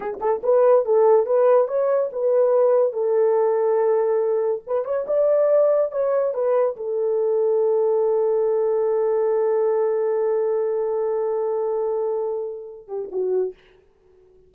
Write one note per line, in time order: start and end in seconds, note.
0.00 0.18 G#4
0.20 0.41 A4
0.43 0.85 B4
0.85 1.26 A4
1.26 1.67 B4
1.67 2.10 C#5
2.12 2.93 B4
2.93 4.62 A4
4.66 4.84 B4
4.84 5.05 C#5
5.07 5.91 D5
5.91 6.33 C#5
6.33 6.76 B4
6.76 12.87 A4
12.87 13.09 G4
13.11 13.53 F#4